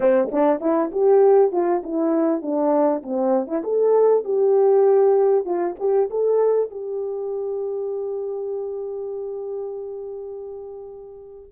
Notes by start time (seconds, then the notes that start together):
0.00 C4
0.31 D4
0.60 E4
0.91 G4
1.52 F4
1.83 E4
2.42 D4
3.02 C4
3.47 E4
3.63 A4
4.24 G4
5.45 F4
5.79 G4
6.10 A4
6.70 G4